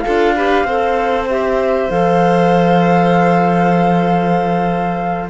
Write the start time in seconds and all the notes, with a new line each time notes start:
0.00 F4 A4 F5
0.08 D4
0.36 G4 B4
0.65 C4 A4 C5
1.29 G4 E5
1.90 F3 A4 F5